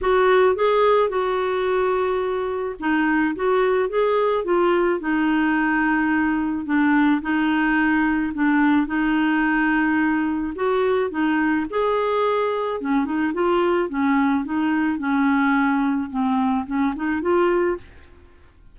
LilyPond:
\new Staff \with { instrumentName = "clarinet" } { \time 4/4 \tempo 4 = 108 fis'4 gis'4 fis'2~ | fis'4 dis'4 fis'4 gis'4 | f'4 dis'2. | d'4 dis'2 d'4 |
dis'2. fis'4 | dis'4 gis'2 cis'8 dis'8 | f'4 cis'4 dis'4 cis'4~ | cis'4 c'4 cis'8 dis'8 f'4 | }